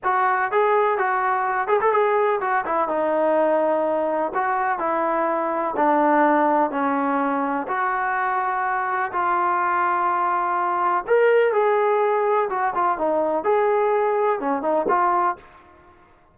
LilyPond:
\new Staff \with { instrumentName = "trombone" } { \time 4/4 \tempo 4 = 125 fis'4 gis'4 fis'4. gis'16 a'16 | gis'4 fis'8 e'8 dis'2~ | dis'4 fis'4 e'2 | d'2 cis'2 |
fis'2. f'4~ | f'2. ais'4 | gis'2 fis'8 f'8 dis'4 | gis'2 cis'8 dis'8 f'4 | }